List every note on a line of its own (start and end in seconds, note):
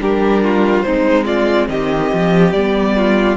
0.00 0.85 G3
0.00 0.85 D4
0.00 0.44 G4
0.00 0.81 A#4
0.44 0.86 F4
0.81 1.68 G#3
0.81 2.55 C4
0.81 1.25 D#4
0.81 1.24 C5
1.25 1.67 F4
1.25 1.68 D5
1.68 2.11 D#3
1.68 2.96 G4
1.68 2.52 D#5
2.13 2.52 F3
2.52 3.37 G3
2.52 3.37 B3
2.52 3.36 D5
2.96 3.37 F4